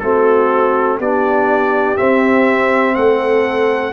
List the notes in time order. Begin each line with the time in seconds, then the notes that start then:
0.00 A3 C4 F#4 A4
0.99 B3 D4 G4 D5
1.97 C4 E5
2.95 A3 A4 F#5